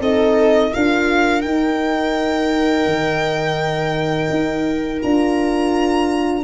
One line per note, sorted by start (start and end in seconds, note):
0.00 0.71 C4
0.00 0.72 D#4
0.00 0.72 A4
0.00 0.74 D#5
0.72 1.45 D4
0.72 1.43 F4
0.72 6.43 A#4
0.72 1.42 F5
1.42 2.86 D#4
1.42 5.02 D#4
1.42 4.99 G5
2.86 4.29 D#3
4.30 5.01 D#4
5.02 6.44 D4
5.02 6.44 F4
5.02 6.44 A#5